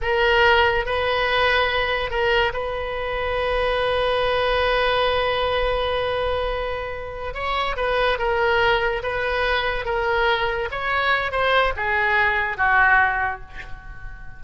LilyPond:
\new Staff \with { instrumentName = "oboe" } { \time 4/4 \tempo 4 = 143 ais'2 b'2~ | b'4 ais'4 b'2~ | b'1~ | b'1~ |
b'4. cis''4 b'4 ais'8~ | ais'4. b'2 ais'8~ | ais'4. cis''4. c''4 | gis'2 fis'2 | }